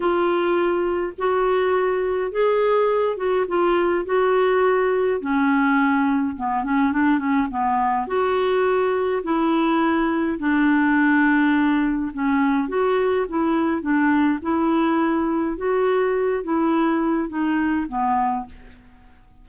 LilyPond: \new Staff \with { instrumentName = "clarinet" } { \time 4/4 \tempo 4 = 104 f'2 fis'2 | gis'4. fis'8 f'4 fis'4~ | fis'4 cis'2 b8 cis'8 | d'8 cis'8 b4 fis'2 |
e'2 d'2~ | d'4 cis'4 fis'4 e'4 | d'4 e'2 fis'4~ | fis'8 e'4. dis'4 b4 | }